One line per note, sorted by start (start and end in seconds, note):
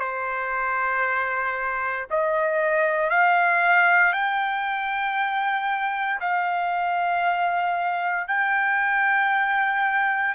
0.00 2.07 C5
2.11 3.10 D#5
3.10 4.13 F5
4.13 6.20 G5
6.21 8.28 F5
8.28 10.35 G5